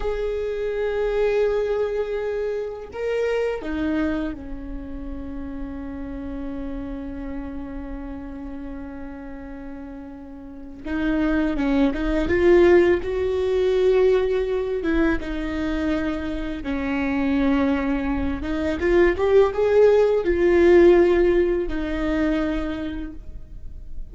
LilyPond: \new Staff \with { instrumentName = "viola" } { \time 4/4 \tempo 4 = 83 gis'1 | ais'4 dis'4 cis'2~ | cis'1~ | cis'2. dis'4 |
cis'8 dis'8 f'4 fis'2~ | fis'8 e'8 dis'2 cis'4~ | cis'4. dis'8 f'8 g'8 gis'4 | f'2 dis'2 | }